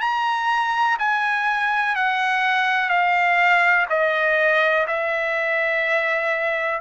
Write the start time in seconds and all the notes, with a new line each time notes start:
0.00 A#5
0.99 G#5
1.95 F#5
2.89 F5
3.89 D#5
4.87 E5